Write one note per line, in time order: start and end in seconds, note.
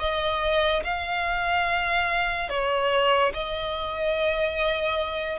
0.00 0.83 D#5
0.84 2.49 F5
2.49 3.33 C#5
3.34 5.39 D#5